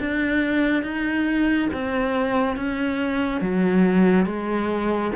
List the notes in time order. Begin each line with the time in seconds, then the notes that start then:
0.00 D4
0.83 D#4
1.73 C4
2.56 C#4
3.41 F#3
4.26 G#3